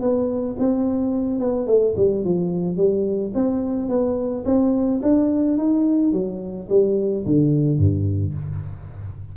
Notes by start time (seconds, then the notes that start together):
0.00 B3
0.58 C4
1.39 B3
1.66 A3
1.96 G3
2.24 F3
2.77 G3
3.34 C4
3.89 B3
4.45 C4
5.02 D4
5.58 D#4
6.12 F#3
6.69 G3
7.25 D3
7.78 G2